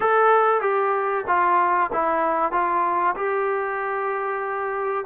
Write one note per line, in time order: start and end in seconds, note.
0.00 0.61 A4
0.61 1.24 G4
1.27 1.90 F4
1.92 2.52 E4
2.52 3.15 F4
3.16 5.05 G4